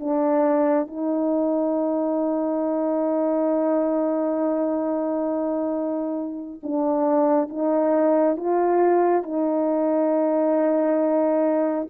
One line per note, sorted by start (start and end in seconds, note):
0.00 0.87 D4
0.87 6.61 D#4
6.64 7.50 D4
7.50 8.37 D#4
8.37 9.23 F4
9.23 11.88 D#4